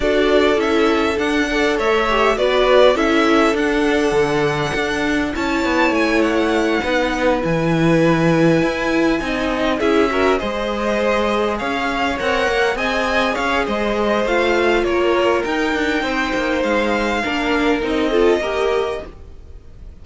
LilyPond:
<<
  \new Staff \with { instrumentName = "violin" } { \time 4/4 \tempo 4 = 101 d''4 e''4 fis''4 e''4 | d''4 e''4 fis''2~ | fis''4 a''4 gis''8 fis''4.~ | fis''8 gis''2.~ gis''8~ |
gis''8 e''4 dis''2 f''8~ | f''8 fis''4 gis''4 f''8 dis''4 | f''4 cis''4 g''2 | f''2 dis''2 | }
  \new Staff \with { instrumentName = "violin" } { \time 4/4 a'2~ a'8 d''8 cis''4 | b'4 a'2.~ | a'4 cis''2~ cis''8 b'8~ | b'2.~ b'8 dis''8~ |
dis''8 gis'8 ais'8 c''2 cis''8~ | cis''4. dis''4 cis''8 c''4~ | c''4 ais'2 c''4~ | c''4 ais'4. a'8 ais'4 | }
  \new Staff \with { instrumentName = "viola" } { \time 4/4 fis'4 e'4 d'8 a'4 g'8 | fis'4 e'4 d'2~ | d'4 e'2~ e'8 dis'8~ | dis'8 e'2. dis'8~ |
dis'8 e'8 fis'8 gis'2~ gis'8~ | gis'8 ais'4 gis'2~ gis'8 | f'2 dis'2~ | dis'4 d'4 dis'8 f'8 g'4 | }
  \new Staff \with { instrumentName = "cello" } { \time 4/4 d'4 cis'4 d'4 a4 | b4 cis'4 d'4 d4 | d'4 cis'8 b8 a4. b8~ | b8 e2 e'4 c'8~ |
c'8 cis'4 gis2 cis'8~ | cis'8 c'8 ais8 c'4 cis'8 gis4 | a4 ais4 dis'8 d'8 c'8 ais8 | gis4 ais4 c'4 ais4 | }
>>